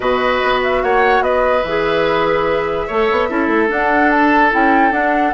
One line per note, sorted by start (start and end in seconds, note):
0.00 0.41 B2
0.00 1.61 F#4
0.00 0.82 B4
0.00 0.61 D#5
0.42 0.83 B3
0.62 0.83 E5
0.83 1.21 A#3
0.83 1.24 C#5
0.83 1.23 F#5
1.21 1.62 B3
1.21 2.87 B4
1.21 1.62 D#5
1.62 2.87 E3
1.62 2.90 G#4
1.62 3.68 E5
2.87 3.10 A3
2.87 3.29 A4
2.87 3.28 C#5
3.11 3.30 B3
3.29 3.47 C#4
3.29 3.67 E4
3.29 5.33 A4
3.47 3.68 A3
3.67 4.49 D4
3.67 4.53 D4
3.67 4.10 F#5
4.10 4.51 A5
4.50 4.91 C#4
4.50 4.91 E4
4.50 4.92 G5
4.91 5.32 D4
4.91 5.33 F#5